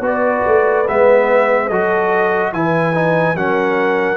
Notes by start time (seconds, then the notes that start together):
0.00 B3 F#4 B4 D5
0.46 A3
0.87 G#3 B3 E5
1.66 F#3 F#4 A4 D#5
2.52 E3 E4 B4 G#5
2.93 D#4
3.35 F#3 C#4 A#4 F#5